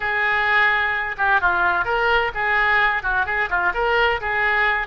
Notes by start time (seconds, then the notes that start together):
0.00 G#4
1.17 G4
1.41 F4
1.85 A#4
2.34 G#4
3.02 F#4
3.26 G#4
3.49 F4
3.74 A#4
4.20 G#4